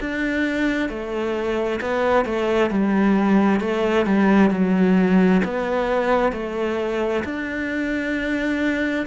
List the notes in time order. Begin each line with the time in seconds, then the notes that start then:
0.00 D4
0.89 A3
1.81 B3
2.25 A3
2.70 G3
3.60 A3
4.06 G3
4.50 F#3
5.44 B3
6.32 A3
7.24 D4